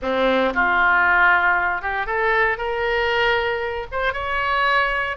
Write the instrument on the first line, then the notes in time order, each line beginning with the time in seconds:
oboe
0.02 C4
0.54 F4
1.81 G4
2.06 A4
2.57 A#4
3.91 C5
4.13 C#5